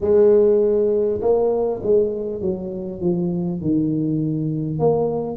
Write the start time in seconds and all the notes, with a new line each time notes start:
0.00 G#3
1.21 A#3
1.82 G#3
2.41 F#3
3.00 F3
3.60 D#3
4.79 A#3